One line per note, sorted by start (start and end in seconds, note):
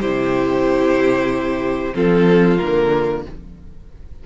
0.00 1.94 C3
0.00 1.93 E4
0.00 1.94 G4
0.00 1.94 C5
1.93 2.59 F3
1.93 2.57 C4
1.93 3.23 F4
1.93 2.57 A4
2.57 3.25 D3
2.57 3.25 A#3
2.57 3.22 A#4